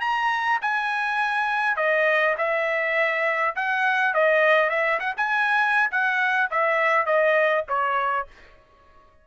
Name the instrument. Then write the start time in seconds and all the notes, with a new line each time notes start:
trumpet
0.00 A#5
0.61 G#5
1.76 D#5
2.37 E5
3.55 F#5
4.13 D#5
4.69 E5
4.99 F#5
5.16 G#5
5.91 F#5
6.50 E5
7.06 D#5
7.68 C#5